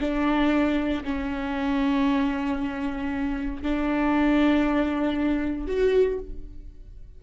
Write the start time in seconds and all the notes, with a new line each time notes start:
0.00 D4
1.04 C#4
3.62 D4
5.67 F#4